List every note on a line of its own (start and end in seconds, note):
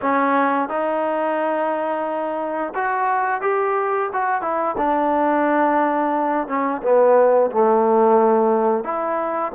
0.01 0.68 C#4
0.68 2.73 D#4
2.75 3.41 F#4
3.41 4.09 G4
4.12 4.41 F#4
4.41 4.75 E4
4.77 6.47 D4
6.47 6.81 C#4
6.82 7.50 B3
7.51 8.84 A3
8.84 9.52 E4